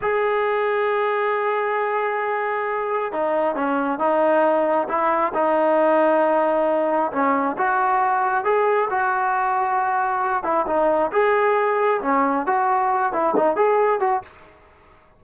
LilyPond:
\new Staff \with { instrumentName = "trombone" } { \time 4/4 \tempo 4 = 135 gis'1~ | gis'2. dis'4 | cis'4 dis'2 e'4 | dis'1 |
cis'4 fis'2 gis'4 | fis'2.~ fis'8 e'8 | dis'4 gis'2 cis'4 | fis'4. e'8 dis'8 gis'4 fis'8 | }